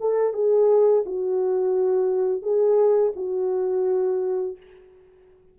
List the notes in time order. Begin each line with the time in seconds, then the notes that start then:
0.00 A4
0.33 G#4
1.06 F#4
2.42 G#4
3.16 F#4